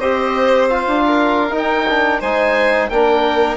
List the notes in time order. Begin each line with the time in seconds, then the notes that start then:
0.00 C4 G4 C5 D#5
0.69 F4 F5
0.87 D4
1.06 A#4
1.50 D#4
1.58 G5
1.89 D4
2.20 G#3 D#4 C5 G#5
2.90 A#3 D4 A#4 G5